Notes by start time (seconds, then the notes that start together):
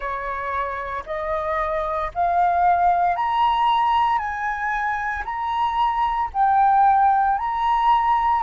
0.00 C#5
1.06 D#5
2.14 F5
3.16 A#5
4.18 G#5
5.24 A#5
6.33 G5
7.38 A#5